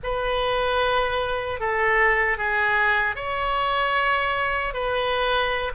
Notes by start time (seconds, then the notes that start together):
0.03 B4
1.60 A4
2.37 G#4
3.15 C#5
4.73 B4